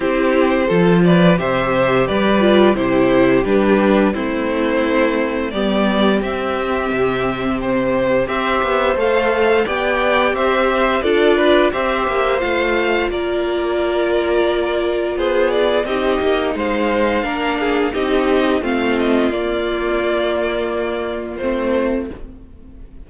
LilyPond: <<
  \new Staff \with { instrumentName = "violin" } { \time 4/4 \tempo 4 = 87 c''4. d''8 e''4 d''4 | c''4 b'4 c''2 | d''4 e''2 c''4 | e''4 f''4 g''4 e''4 |
d''4 e''4 f''4 d''4~ | d''2 c''8 d''8 dis''4 | f''2 dis''4 f''8 dis''8 | d''2. c''4 | }
  \new Staff \with { instrumentName = "violin" } { \time 4/4 g'4 a'8 b'8 c''4 b'4 | g'2 e'2 | g'1 | c''2 d''4 c''4 |
a'8 b'8 c''2 ais'4~ | ais'2 gis'4 g'4 | c''4 ais'8 gis'8 g'4 f'4~ | f'1 | }
  \new Staff \with { instrumentName = "viola" } { \time 4/4 e'4 f'4 g'4. f'8 | e'4 d'4 c'2 | b4 c'2. | g'4 a'4 g'2 |
f'4 g'4 f'2~ | f'2. dis'4~ | dis'4 d'4 dis'4 c'4 | ais2. c'4 | }
  \new Staff \with { instrumentName = "cello" } { \time 4/4 c'4 f4 c4 g4 | c4 g4 a2 | g4 c'4 c2 | c'8 b8 a4 b4 c'4 |
d'4 c'8 ais8 a4 ais4~ | ais2 b4 c'8 ais8 | gis4 ais4 c'4 a4 | ais2. a4 | }
>>